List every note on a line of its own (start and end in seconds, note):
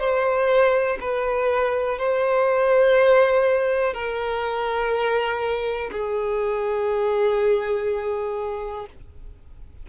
0.00 0.98 C5
1.01 1.99 B4
1.99 3.94 C5
3.94 5.91 A#4
5.92 8.87 G#4